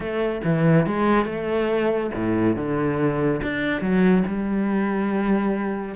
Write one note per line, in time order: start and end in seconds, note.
0.00 0.41 A3
0.44 0.86 E3
0.86 1.25 G#3
1.25 2.10 A3
2.14 2.56 A2
2.56 3.41 D3
3.43 3.81 D4
3.81 4.23 F#3
4.27 5.95 G3